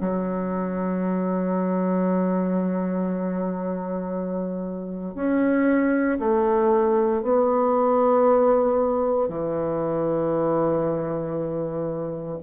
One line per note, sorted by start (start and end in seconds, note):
0.00 5.15 F#3
5.15 6.18 C#4
6.19 7.22 A3
7.22 9.28 B3
9.28 12.39 E3